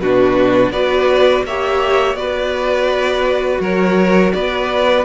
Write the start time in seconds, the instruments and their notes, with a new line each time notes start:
0.00 cello B2, viola D4, violin F#4 B4
0.71 cello B3, viola F#4, violin B4 D5
1.44 cello A#3, viola G4, violin C#5 E5
2.14 cello B3, viola F#4, violin B4 D5
3.60 cello F#3, violin A#4 C#5
4.33 cello B3, violin B4 D5